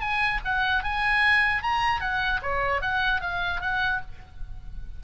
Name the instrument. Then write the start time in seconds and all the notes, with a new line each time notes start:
oboe
0.00 G#5
0.45 F#5
0.83 G#5
1.63 A#5
2.00 F#5
2.42 C#5
2.81 F#5
3.21 F5
3.61 F#5